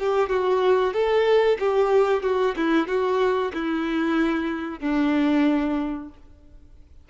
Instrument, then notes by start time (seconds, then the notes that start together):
violin
0.00 G4
0.30 F#4
0.94 A4
1.60 G4
2.23 F#4
2.57 E4
2.88 F#4
3.54 E4
4.80 D4